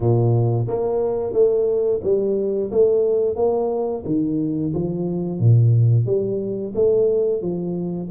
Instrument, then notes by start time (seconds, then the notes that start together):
tuba
0.00 A#2
0.67 A#3
1.33 A3
2.03 G3
2.71 A3
3.36 A#3
4.05 D#3
4.73 F3
5.39 A#2
6.06 G3
6.74 A3
7.41 F3